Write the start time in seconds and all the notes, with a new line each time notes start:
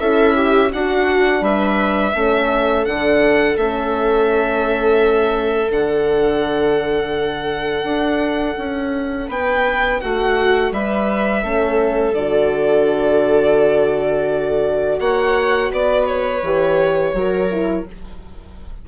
0.00 C#4 E4 A4 E5
0.36 G4
0.73 D4 F#4 F#5
1.42 G3 B4 E5
2.15 A3 C#4 A4
2.86 D3 D4 F#5
3.57 A3 C#4 E5
5.70 D3 D4 F#5
7.84 D4
8.58 C#4
9.29 B3 B4 G5
10.01 A3 F#4 F#5
10.72 G3 B4 E5
11.43 A3 C#4 A4
12.13 D3 F#4 D5
15.00 A#3 C#5 F#5
15.71 B3 B4 D5
16.07 C#5
16.43 E3 G4
17.14 F#3 F#4 A#4
17.52 E4